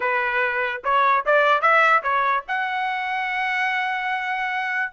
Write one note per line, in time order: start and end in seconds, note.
0.00 0.81 B4
0.84 1.25 C#5
1.25 1.61 D5
1.61 2.02 E5
2.02 2.44 C#5
2.48 4.92 F#5